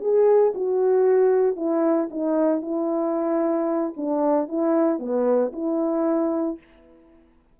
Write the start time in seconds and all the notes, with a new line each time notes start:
0.00 G#4
0.55 F#4
1.56 E4
2.10 D#4
2.62 E4
3.97 D4
4.48 E4
4.99 B3
5.53 E4